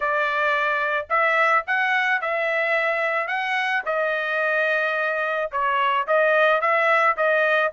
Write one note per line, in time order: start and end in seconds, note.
0.00 1.07 D5
1.09 1.64 E5
1.66 2.21 F#5
2.21 3.27 E5
3.27 3.82 F#5
3.85 5.50 D#5
5.51 6.07 C#5
6.07 6.61 D#5
6.61 7.16 E5
7.17 7.72 D#5